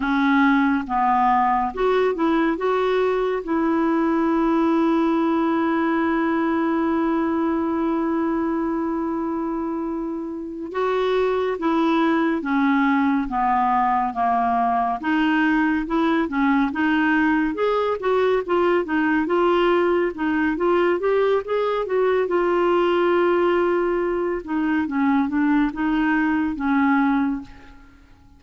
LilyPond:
\new Staff \with { instrumentName = "clarinet" } { \time 4/4 \tempo 4 = 70 cis'4 b4 fis'8 e'8 fis'4 | e'1~ | e'1~ | e'8 fis'4 e'4 cis'4 b8~ |
b8 ais4 dis'4 e'8 cis'8 dis'8~ | dis'8 gis'8 fis'8 f'8 dis'8 f'4 dis'8 | f'8 g'8 gis'8 fis'8 f'2~ | f'8 dis'8 cis'8 d'8 dis'4 cis'4 | }